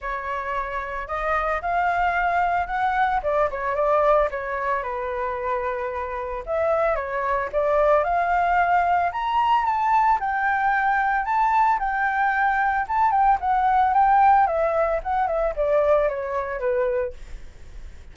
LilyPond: \new Staff \with { instrumentName = "flute" } { \time 4/4 \tempo 4 = 112 cis''2 dis''4 f''4~ | f''4 fis''4 d''8 cis''8 d''4 | cis''4 b'2. | e''4 cis''4 d''4 f''4~ |
f''4 ais''4 a''4 g''4~ | g''4 a''4 g''2 | a''8 g''8 fis''4 g''4 e''4 | fis''8 e''8 d''4 cis''4 b'4 | }